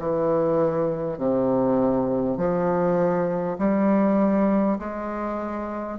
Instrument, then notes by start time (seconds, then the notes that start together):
bassoon
0.00 E3
1.18 C3
2.38 F3
3.59 G3
4.79 G#3